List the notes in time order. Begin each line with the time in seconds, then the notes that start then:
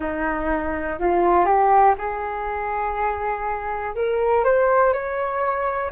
0.00 D#4
0.99 F4
1.45 G4
1.98 G#4
3.95 A#4
4.44 C5
4.93 C#5